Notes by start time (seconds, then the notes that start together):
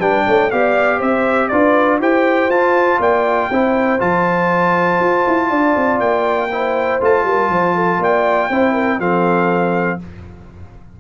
0.00 G3 D4 B4 G5
0.27 A3 C#5
0.51 B3 G4 D5 F5
0.98 C4 C5 E5
1.48 D4 F4 B4 D5
1.99 E4 G4 C5 G5
2.49 F4 A5
2.99 A#3 D5 G5
3.50 C4 E4 C5
3.99 F3 F4 A5
5.00 F4
5.27 E4
5.49 D4 D5
5.76 C4
6.00 A#3 G5
6.50 E4 C5
7.01 A3 F4 A5
7.24 G3 A#4
7.49 F3 C5
7.75 A4
7.99 A#3 D5 G5
8.50 C4 E4 C5
8.73 A#4
8.99 F3 C4 A4 F5